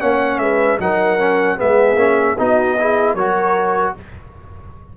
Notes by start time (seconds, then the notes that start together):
0.00 A#3 C#4 C#5 F#5
0.38 G#3 B4 E5
0.79 F#3 D#4 A#4 F#5
1.19 C#4
1.57 G#3 B3 G#4 E5
1.95 A#3 C#4
2.38 B3 D#4 F#4 D#5
2.78 E4 G#4
3.14 F#3 F#4 A#4 C#5